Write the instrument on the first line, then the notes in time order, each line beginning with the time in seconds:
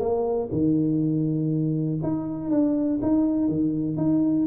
tuba
0.00 A#3
0.52 D#3
2.03 D#4
2.51 D4
3.02 D#4
3.48 D#3
3.97 D#4